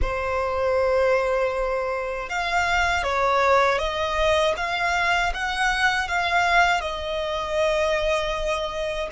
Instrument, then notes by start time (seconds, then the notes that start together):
violin
0.01 C5
2.29 F5
3.03 C#5
3.78 D#5
4.56 F5
5.33 F#5
6.08 F5
6.80 D#5